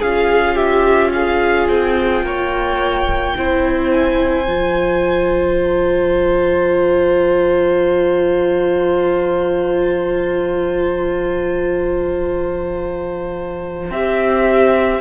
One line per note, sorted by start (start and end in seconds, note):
0.00 1.69 C#4
0.00 3.36 F4
0.00 0.55 G#4
0.00 0.56 F5
0.55 1.11 G4
0.55 1.12 E5
1.12 2.26 G#4
1.12 1.68 F5
1.69 2.23 C4
1.69 3.91 G5
2.23 3.34 A#3
2.23 3.37 C#5
3.36 4.48 C4
3.36 4.47 E4
3.36 15.01 C5
3.92 5.58 G#5
4.47 13.91 F3
4.47 13.92 F4
5.58 13.92 A5
13.91 15.01 C4
13.91 15.01 G4
13.91 15.01 E5